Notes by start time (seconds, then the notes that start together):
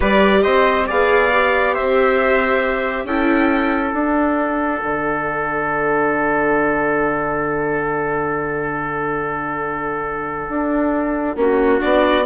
0.00 G3 G4 B4 D5
0.41 C4 C5 D#5
0.86 B3 G#4 D5 F5
1.32 G4
1.74 C4 C5 E5
3.04 C#4 E4 A4 G5
3.93 D4 F#5
4.82 D3
10.48 D4
11.36 A#3 C#4 F#4
11.80 B3 D4 D5